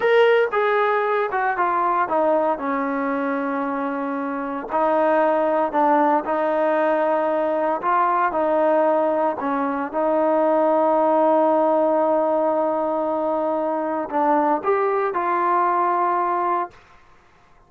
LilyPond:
\new Staff \with { instrumentName = "trombone" } { \time 4/4 \tempo 4 = 115 ais'4 gis'4. fis'8 f'4 | dis'4 cis'2.~ | cis'4 dis'2 d'4 | dis'2. f'4 |
dis'2 cis'4 dis'4~ | dis'1~ | dis'2. d'4 | g'4 f'2. | }